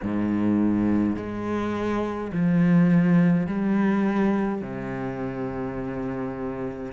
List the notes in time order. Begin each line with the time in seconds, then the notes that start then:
0.02 G#2
1.16 G#3
2.32 F3
3.46 G3
4.61 C3